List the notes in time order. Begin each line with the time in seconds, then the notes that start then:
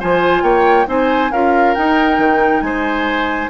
0.00 F3 F4 C5 G#5
0.42 A#3 C#5 G5
0.86 C4 D#4 C5 G#5
1.31 C#4 F4 A#4 F5
1.74 D#4 G5
2.18 D#3
2.61 G#3 C5 G#5